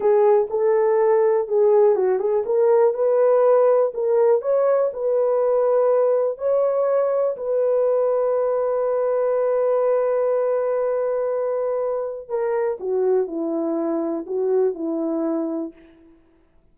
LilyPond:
\new Staff \with { instrumentName = "horn" } { \time 4/4 \tempo 4 = 122 gis'4 a'2 gis'4 | fis'8 gis'8 ais'4 b'2 | ais'4 cis''4 b'2~ | b'4 cis''2 b'4~ |
b'1~ | b'1~ | b'4 ais'4 fis'4 e'4~ | e'4 fis'4 e'2 | }